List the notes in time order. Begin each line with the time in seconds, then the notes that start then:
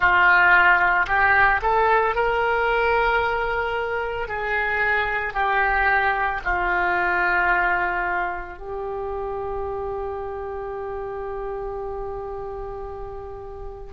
0.00 F4
1.07 G4
1.62 A4
2.15 A#4
4.28 G#4
5.33 G4
6.44 F4
8.58 G4